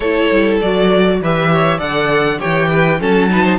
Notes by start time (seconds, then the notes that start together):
0.00 A3 E4 A4 C#5
0.31 G3
0.60 F#3 F#4 D5
1.20 E3 G4 B4 E5
1.52 C#5
1.78 D3 A4 D5 F#5
2.38 E3 G4 C#5 G5
2.69 B4
2.99 F#3 C#4 A4 A5
3.29 D#4 B4
3.43 C5